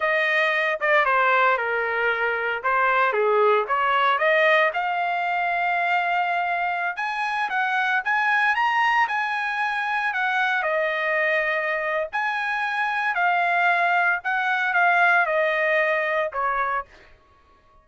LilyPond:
\new Staff \with { instrumentName = "trumpet" } { \time 4/4 \tempo 4 = 114 dis''4. d''8 c''4 ais'4~ | ais'4 c''4 gis'4 cis''4 | dis''4 f''2.~ | f''4~ f''16 gis''4 fis''4 gis''8.~ |
gis''16 ais''4 gis''2 fis''8.~ | fis''16 dis''2~ dis''8. gis''4~ | gis''4 f''2 fis''4 | f''4 dis''2 cis''4 | }